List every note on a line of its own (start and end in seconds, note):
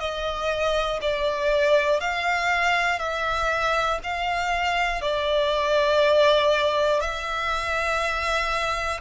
0.00 1.00 D#5
1.02 2.00 D5
2.00 2.99 F5
2.99 3.99 E5
4.04 5.02 F5
5.02 7.01 D5
7.01 9.01 E5